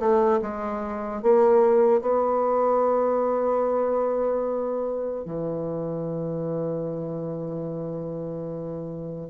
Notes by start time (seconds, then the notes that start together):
0.00 A3
0.42 G#3
1.23 A#3
2.02 B3
5.26 E3